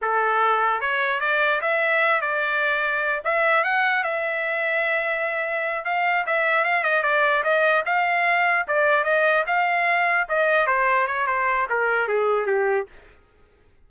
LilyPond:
\new Staff \with { instrumentName = "trumpet" } { \time 4/4 \tempo 4 = 149 a'2 cis''4 d''4 | e''4. d''2~ d''8 | e''4 fis''4 e''2~ | e''2~ e''8 f''4 e''8~ |
e''8 f''8 dis''8 d''4 dis''4 f''8~ | f''4. d''4 dis''4 f''8~ | f''4. dis''4 c''4 cis''8 | c''4 ais'4 gis'4 g'4 | }